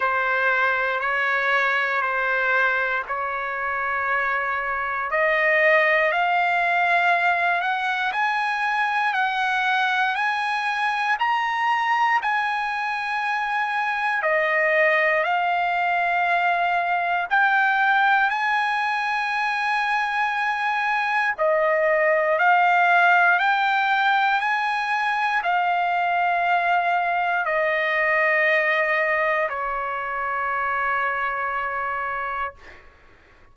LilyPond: \new Staff \with { instrumentName = "trumpet" } { \time 4/4 \tempo 4 = 59 c''4 cis''4 c''4 cis''4~ | cis''4 dis''4 f''4. fis''8 | gis''4 fis''4 gis''4 ais''4 | gis''2 dis''4 f''4~ |
f''4 g''4 gis''2~ | gis''4 dis''4 f''4 g''4 | gis''4 f''2 dis''4~ | dis''4 cis''2. | }